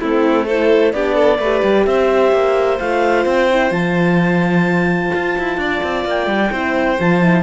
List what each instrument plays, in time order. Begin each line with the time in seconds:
0.00 cello A3, horn C4, violin E4, clarinet A4
0.46 horn E4, violin A4, clarinet C5
0.92 cello B3, horn D4, violin G4, clarinet D5
1.15 violin A4
1.38 cello A3, horn G4, violin B4
1.63 cello G3
1.85 cello C4, violin C5, clarinet E5
2.32 cello A#3
2.78 cello A3, horn F4, clarinet F5
3.25 cello C4, clarinet G5
3.50 horn E4
3.69 cello F3, horn F4, clarinet A5
5.14 cello F4
5.38 cello E4
5.57 cello D4, violin D5
5.83 cello C4
6.04 cello A#3, clarinet G5
6.27 cello G3
6.51 cello C4, horn E4, violin C5
6.98 cello F3, horn F4, clarinet A5
7.22 horn E4